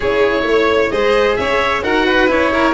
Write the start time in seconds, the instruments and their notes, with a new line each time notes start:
0.00 tuba C#4, cello E4, violin G#4, oboe C#5
0.43 tuba A3, violin C#5
0.90 tuba G#3, cello G#4, violin C5, oboe D#5
1.36 tuba C#4, violin C#5, oboe E5
1.83 tuba D#4, cello F#4, violin A#4, oboe F#5
2.05 violin B4
2.27 tuba C#4, cello E4, oboe C#5
2.52 violin A#4